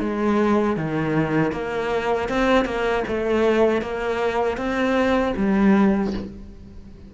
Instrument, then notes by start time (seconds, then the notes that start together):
cello
0.00 G#3
0.76 D#3
1.52 A#3
2.29 C4
2.65 A#3
3.07 A3
3.81 A#3
4.57 C4
5.36 G3